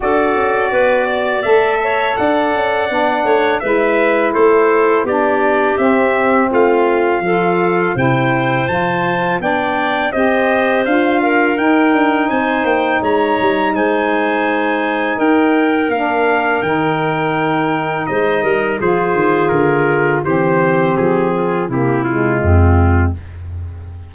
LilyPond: <<
  \new Staff \with { instrumentName = "trumpet" } { \time 4/4 \tempo 4 = 83 d''2 e''4 fis''4~ | fis''4 e''4 c''4 d''4 | e''4 f''2 g''4 | a''4 g''4 dis''4 f''4 |
g''4 gis''8 g''8 ais''4 gis''4~ | gis''4 g''4 f''4 g''4~ | g''4 dis''4 c''4 ais'4 | c''4 gis'4 g'8 f'4. | }
  \new Staff \with { instrumentName = "clarinet" } { \time 4/4 a'4 b'8 d''4 cis''8 d''4~ | d''8 cis''8 b'4 a'4 g'4~ | g'4 f'4 a'4 c''4~ | c''4 d''4 c''4. ais'8~ |
ais'4 c''4 cis''4 c''4~ | c''4 ais'2.~ | ais'4 c''8 ais'8 gis'2 | g'4. f'8 e'4 c'4 | }
  \new Staff \with { instrumentName = "saxophone" } { \time 4/4 fis'2 a'2 | d'4 e'2 d'4 | c'2 f'4 e'4 | f'4 d'4 g'4 f'4 |
dis'1~ | dis'2 d'4 dis'4~ | dis'2 f'2 | c'2 ais8 gis4. | }
  \new Staff \with { instrumentName = "tuba" } { \time 4/4 d'8 cis'8 b4 a4 d'8 cis'8 | b8 a8 gis4 a4 b4 | c'4 a4 f4 c4 | f4 b4 c'4 d'4 |
dis'8 d'8 c'8 ais8 gis8 g8 gis4~ | gis4 dis'4 ais4 dis4~ | dis4 gis8 g8 f8 dis8 d4 | e4 f4 c4 f,4 | }
>>